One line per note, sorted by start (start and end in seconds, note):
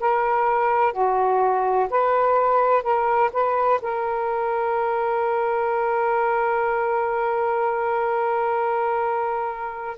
0.00 0.93 A#4
0.93 1.88 F#4
1.90 2.83 B4
2.83 3.30 A#4
3.32 3.80 B4
3.82 9.97 A#4